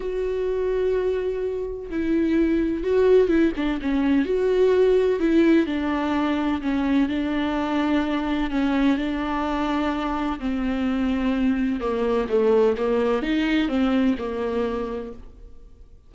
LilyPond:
\new Staff \with { instrumentName = "viola" } { \time 4/4 \tempo 4 = 127 fis'1 | e'2 fis'4 e'8 d'8 | cis'4 fis'2 e'4 | d'2 cis'4 d'4~ |
d'2 cis'4 d'4~ | d'2 c'2~ | c'4 ais4 a4 ais4 | dis'4 c'4 ais2 | }